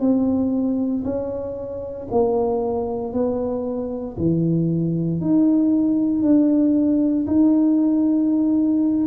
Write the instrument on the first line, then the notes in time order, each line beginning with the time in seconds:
tuba
0.00 C4
1.04 C#4
2.11 A#3
3.13 B3
4.17 E3
5.21 D#4
6.23 D4
7.26 D#4